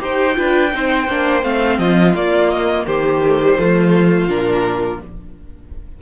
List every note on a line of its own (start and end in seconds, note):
0.00 0.38 D#4
0.00 0.35 G4
0.00 0.37 C5
0.00 1.44 G5
0.35 0.74 D4
0.35 0.70 F4
0.35 0.73 B4
0.72 1.08 C4
0.72 1.08 D#4
0.72 1.80 C5
1.08 1.43 A#3
1.08 1.43 D4
1.43 1.79 A3
1.43 2.14 C4
1.43 1.79 F5
1.79 2.15 F3
1.79 2.86 F4
1.79 2.15 D#5
2.15 2.86 A#3
2.15 3.23 A#3
2.15 2.50 D5
2.50 2.86 D#5
2.86 3.58 D#3
2.86 3.58 G4
2.86 4.29 C5
3.28 3.42 A3
3.42 3.58 G3
3.58 4.28 F3
3.58 4.29 A3
3.58 5.02 F4
4.28 4.99 A#2
4.28 5.00 D4
4.28 5.00 A#4